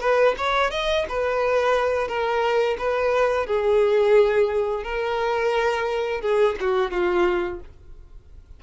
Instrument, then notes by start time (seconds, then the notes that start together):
violin
0.00 B4
0.37 C#5
0.71 D#5
1.09 B4
2.08 A#4
2.78 B4
3.46 G#4
4.83 A#4
6.21 G#4
6.60 F#4
6.91 F4